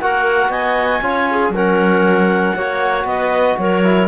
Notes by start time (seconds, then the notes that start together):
0.00 A#3 F#4 A#4 F#5
0.49 B3 D#5 G#5
1.01 C#4 F4 C#5
1.30 G#4
1.49 F#3 A#4 F#5
1.55 C#4
2.56 A#3 F#4 C#5
3.04 B3 B4 D#5
3.58 F#3 A#4 C#5
3.83 E4